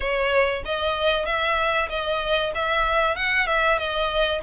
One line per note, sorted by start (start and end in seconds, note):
0.00 0.63 C#5
0.65 1.25 D#5
1.25 1.88 E5
1.89 2.52 D#5
2.54 3.16 E5
3.16 3.46 F#5
3.46 3.78 E5
3.78 4.41 D#5